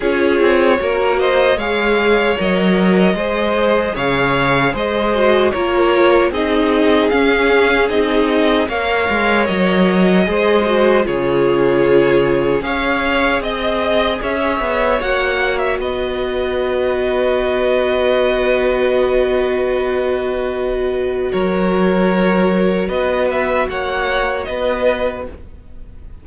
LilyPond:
<<
  \new Staff \with { instrumentName = "violin" } { \time 4/4 \tempo 4 = 76 cis''4. dis''8 f''4 dis''4~ | dis''4 f''4 dis''4 cis''4 | dis''4 f''4 dis''4 f''4 | dis''2 cis''2 |
f''4 dis''4 e''4 fis''8. e''16 | dis''1~ | dis''2. cis''4~ | cis''4 dis''8 e''8 fis''4 dis''4 | }
  \new Staff \with { instrumentName = "violin" } { \time 4/4 gis'4 ais'8 c''8 cis''2 | c''4 cis''4 c''4 ais'4 | gis'2. cis''4~ | cis''4 c''4 gis'2 |
cis''4 dis''4 cis''2 | b'1~ | b'2. ais'4~ | ais'4 b'4 cis''4 b'4 | }
  \new Staff \with { instrumentName = "viola" } { \time 4/4 f'4 fis'4 gis'4 ais'4 | gis'2~ gis'8 fis'8 f'4 | dis'4 cis'4 dis'4 ais'4~ | ais'4 gis'8 fis'8 f'2 |
gis'2. fis'4~ | fis'1~ | fis'1~ | fis'1 | }
  \new Staff \with { instrumentName = "cello" } { \time 4/4 cis'8 c'8 ais4 gis4 fis4 | gis4 cis4 gis4 ais4 | c'4 cis'4 c'4 ais8 gis8 | fis4 gis4 cis2 |
cis'4 c'4 cis'8 b8 ais4 | b1~ | b2. fis4~ | fis4 b4 ais4 b4 | }
>>